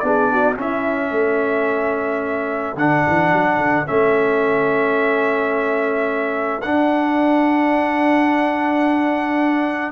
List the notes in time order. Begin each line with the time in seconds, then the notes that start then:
0.00 B3 D4 G#4 D5
0.32 F#4
0.56 C#4 E4 E5
1.11 A3 A4
2.76 D3 D4 F#5
3.08 E3
3.33 F#3
3.58 D3
3.86 A3 C#4 E5
6.62 D4 F#5